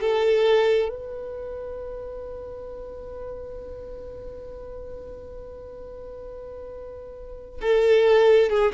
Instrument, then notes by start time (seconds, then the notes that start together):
violin
0.00 A4
0.89 B4
7.61 A4
8.50 G#4